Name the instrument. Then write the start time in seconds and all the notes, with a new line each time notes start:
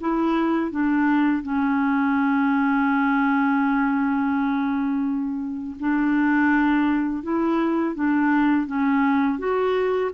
clarinet
0.00 E4
0.71 D4
1.43 C#4
5.79 D4
7.23 E4
7.95 D4
8.66 C#4
9.38 F#4